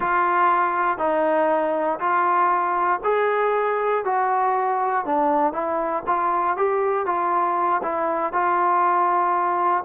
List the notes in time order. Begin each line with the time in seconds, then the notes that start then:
0.00 F4
0.98 D#4
1.99 F4
3.03 G#4
4.05 F#4
5.05 D4
5.53 E4
6.06 F4
6.57 G4
7.06 F4
7.82 E4
8.32 F4